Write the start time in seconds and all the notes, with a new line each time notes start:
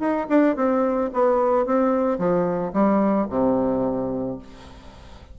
0.00 D#4
0.30 D4
0.57 C4
1.14 B3
1.66 C4
2.19 F3
2.73 G3
3.30 C3